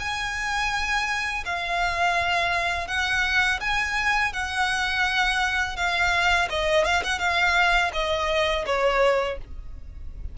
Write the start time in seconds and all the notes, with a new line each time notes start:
0.00 G#5
1.46 F5
2.88 F#5
3.61 G#5
4.33 F#5
5.77 F5
6.50 D#5
6.85 F5
7.04 F#5
7.19 F5
7.94 D#5
8.66 C#5